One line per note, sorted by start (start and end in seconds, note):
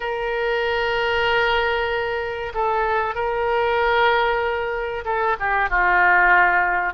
0.00 2.53 A#4
2.54 3.14 A4
3.14 5.04 A#4
5.04 5.36 A4
5.39 5.69 G4
5.69 6.93 F4